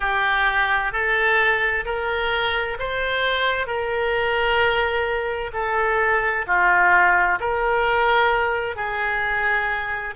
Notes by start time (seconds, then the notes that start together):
0.00 G4
0.92 A4
1.85 A#4
2.79 C5
3.66 A#4
5.53 A4
6.47 F4
7.40 A#4
8.76 G#4